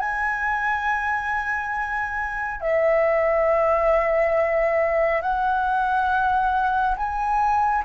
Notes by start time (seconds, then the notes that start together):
0.00 G#5
2.61 E5
5.22 F#5
6.97 G#5